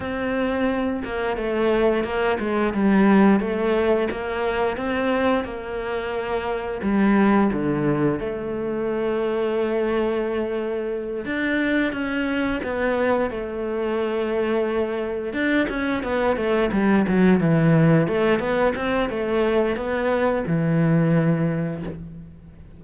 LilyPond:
\new Staff \with { instrumentName = "cello" } { \time 4/4 \tempo 4 = 88 c'4. ais8 a4 ais8 gis8 | g4 a4 ais4 c'4 | ais2 g4 d4 | a1~ |
a8 d'4 cis'4 b4 a8~ | a2~ a8 d'8 cis'8 b8 | a8 g8 fis8 e4 a8 b8 c'8 | a4 b4 e2 | }